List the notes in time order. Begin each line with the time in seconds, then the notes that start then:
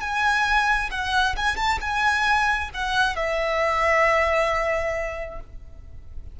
0.00 G#5
0.90 F#5
1.36 G#5
1.56 A5
1.80 G#5
2.74 F#5
3.16 E5